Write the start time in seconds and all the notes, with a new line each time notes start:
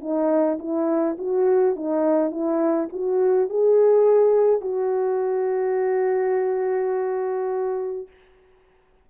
0.00 D#4
0.59 E4
1.17 F#4
1.75 D#4
2.31 E4
2.92 F#4
3.49 G#4
4.60 F#4